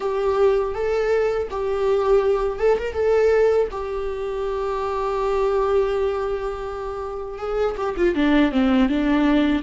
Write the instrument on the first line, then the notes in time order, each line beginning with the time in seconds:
viola
0.00 G4
0.74 A4
1.50 G4
2.59 A4
2.78 A#4
2.93 A4
3.71 G4
7.38 G#4
7.76 G4
7.96 F4
8.14 D4
8.52 C4
8.88 D4